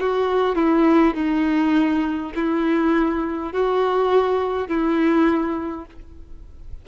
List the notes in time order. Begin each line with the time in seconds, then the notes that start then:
0.00 F#4
0.55 E4
1.14 D#4
2.35 E4
3.52 F#4
4.68 E4